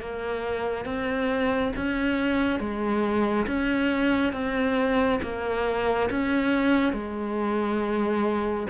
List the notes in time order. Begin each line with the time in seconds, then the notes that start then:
0.00 A#3
0.85 C4
1.77 C#4
2.60 G#3
3.47 C#4
4.33 C4
5.23 A#3
6.11 C#4
6.93 G#3